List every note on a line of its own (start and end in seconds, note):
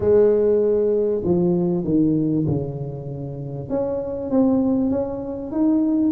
0.00 1.22 G#3
1.24 1.84 F3
1.84 2.45 D#3
2.47 3.69 C#3
3.69 4.30 C#4
4.30 4.90 C4
4.90 5.51 C#4
5.51 6.11 D#4